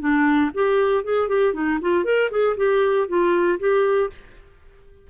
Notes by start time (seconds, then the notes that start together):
0.00 D4
0.54 G4
1.04 G#4
1.28 G4
1.53 D#4
1.81 F4
2.05 A#4
2.31 G#4
2.57 G4
3.08 F4
3.59 G4